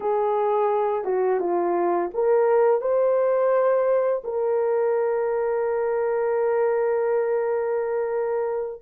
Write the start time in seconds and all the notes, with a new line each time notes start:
0.00 G#4
1.04 F#4
1.40 F4
2.14 A#4
2.81 C5
4.24 A#4